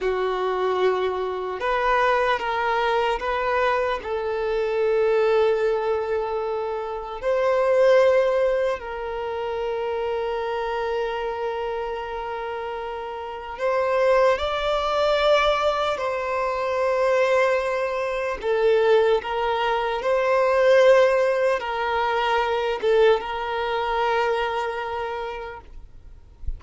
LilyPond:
\new Staff \with { instrumentName = "violin" } { \time 4/4 \tempo 4 = 75 fis'2 b'4 ais'4 | b'4 a'2.~ | a'4 c''2 ais'4~ | ais'1~ |
ais'4 c''4 d''2 | c''2. a'4 | ais'4 c''2 ais'4~ | ais'8 a'8 ais'2. | }